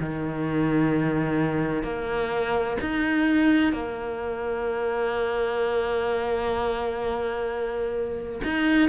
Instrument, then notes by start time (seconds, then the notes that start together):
cello
0.00 D#3
1.84 A#3
2.81 D#4
3.73 A#3
8.44 D#4